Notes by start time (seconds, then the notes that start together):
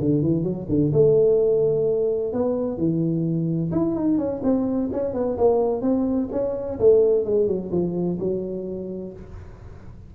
0.00 D3
0.22 E3
0.43 F#3
0.69 D3
0.93 A3
2.33 B3
2.78 E3
3.72 E4
3.96 D#4
4.18 C#4
4.44 C4
4.93 C#4
5.14 B3
5.38 A#3
5.82 C4
6.32 C#4
6.79 A3
7.25 G#3
7.48 F#3
7.72 F3
8.19 F#3